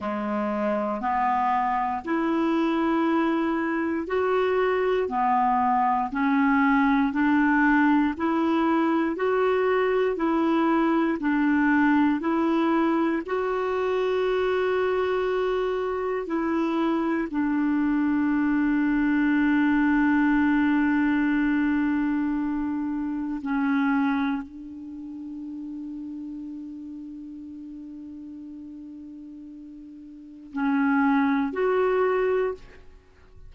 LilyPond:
\new Staff \with { instrumentName = "clarinet" } { \time 4/4 \tempo 4 = 59 gis4 b4 e'2 | fis'4 b4 cis'4 d'4 | e'4 fis'4 e'4 d'4 | e'4 fis'2. |
e'4 d'2.~ | d'2. cis'4 | d'1~ | d'2 cis'4 fis'4 | }